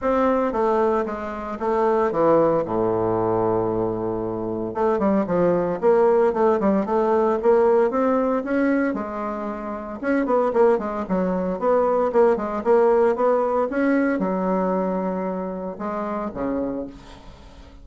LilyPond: \new Staff \with { instrumentName = "bassoon" } { \time 4/4 \tempo 4 = 114 c'4 a4 gis4 a4 | e4 a,2.~ | a,4 a8 g8 f4 ais4 | a8 g8 a4 ais4 c'4 |
cis'4 gis2 cis'8 b8 | ais8 gis8 fis4 b4 ais8 gis8 | ais4 b4 cis'4 fis4~ | fis2 gis4 cis4 | }